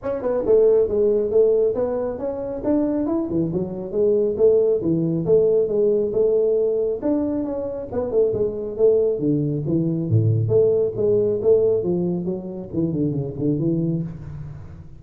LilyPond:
\new Staff \with { instrumentName = "tuba" } { \time 4/4 \tempo 4 = 137 cis'8 b8 a4 gis4 a4 | b4 cis'4 d'4 e'8 e8 | fis4 gis4 a4 e4 | a4 gis4 a2 |
d'4 cis'4 b8 a8 gis4 | a4 d4 e4 a,4 | a4 gis4 a4 f4 | fis4 e8 d8 cis8 d8 e4 | }